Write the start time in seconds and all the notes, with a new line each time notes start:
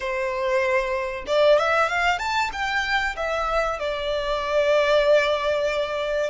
0.00 C5
1.26 D5
1.58 E5
1.89 F5
2.18 A5
2.52 G5
3.16 E5
3.79 D5